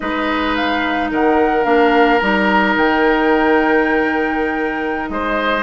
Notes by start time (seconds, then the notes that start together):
0.00 G#3 D#4 B4 D#5
0.55 F5
1.10 D#3 A#4 F#5
1.64 A#3 D4 F5
2.18 G3 D#4 A#5
2.75 D#3 G5
5.09 G#3 C5 D#5